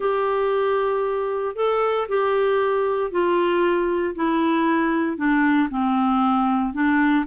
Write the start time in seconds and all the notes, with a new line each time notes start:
0.00 G4
1.55 A4
2.08 G4
3.11 F4
4.15 E4
5.17 D4
5.70 C4
6.73 D4